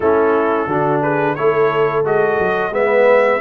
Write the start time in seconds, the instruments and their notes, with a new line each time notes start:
0.00 tuba A3, trombone C#4, horn E4, trumpet A4
0.66 tuba D3, trombone D4, horn F#4
1.01 horn G#4, trumpet B4
1.35 tuba A3, trombone E4, horn A4, trumpet C#5
2.04 tuba G#3, trombone F#4, trumpet D#5
2.39 tuba F#3
2.70 tuba G#3, trombone B3, horn B4, trumpet E5